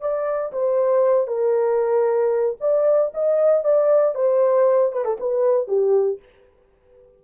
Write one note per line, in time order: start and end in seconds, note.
0.00 0.52 D5
0.52 1.27 C5
1.27 2.57 A#4
2.60 3.12 D5
3.14 3.64 D#5
3.64 4.15 D5
4.15 4.92 C5
4.92 5.05 B4
5.05 5.17 A4
5.20 5.67 B4
5.67 6.19 G4